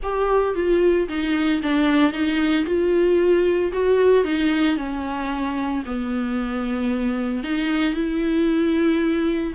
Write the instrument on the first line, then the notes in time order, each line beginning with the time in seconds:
viola
0.02 G4
0.55 F4
1.08 D#4
1.62 D4
2.12 D#4
2.65 F4
3.72 F#4
4.24 D#4
4.76 C#4
5.85 B3
7.43 D#4
7.94 E4